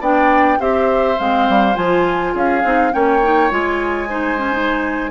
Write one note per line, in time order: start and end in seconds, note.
0.00 0.58 B3
0.00 0.59 D4
0.00 0.58 D5
0.00 0.60 G5
0.59 1.18 C4
0.59 1.17 G4
0.59 2.33 C5
0.59 1.18 E5
1.18 1.48 G#3
1.18 1.74 C4
1.18 1.75 F5
1.48 1.76 G3
1.74 2.34 F3
1.74 2.62 F4
1.74 2.34 G#5
2.33 2.63 C#4
2.33 2.92 G#4
2.33 2.93 F5
2.64 2.93 C4
2.64 2.91 D#4
2.91 3.51 A#3
2.91 3.21 C#4
2.91 4.09 C#5
2.91 3.51 G5
3.22 3.50 D#4
3.50 5.10 G#3
3.50 4.08 F4
3.50 5.10 G#5
4.08 4.37 D#4
4.08 5.10 C5
4.37 4.52 C#4
4.52 5.10 D#4